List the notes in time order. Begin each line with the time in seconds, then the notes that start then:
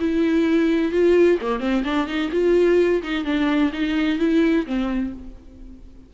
0.00 E4
0.92 F4
1.41 A#3
1.60 C4
1.84 D4
2.08 D#4
2.32 F4
3.03 D#4
3.25 D4
3.73 D#4
4.19 E4
4.66 C4